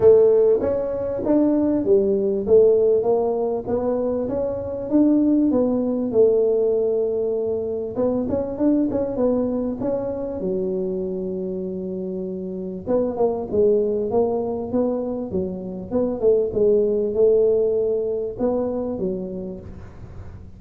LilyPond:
\new Staff \with { instrumentName = "tuba" } { \time 4/4 \tempo 4 = 98 a4 cis'4 d'4 g4 | a4 ais4 b4 cis'4 | d'4 b4 a2~ | a4 b8 cis'8 d'8 cis'8 b4 |
cis'4 fis2.~ | fis4 b8 ais8 gis4 ais4 | b4 fis4 b8 a8 gis4 | a2 b4 fis4 | }